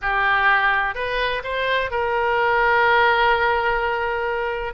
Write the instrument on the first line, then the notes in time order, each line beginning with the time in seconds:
oboe
0.01 G4
0.94 B4
1.43 C5
1.90 A#4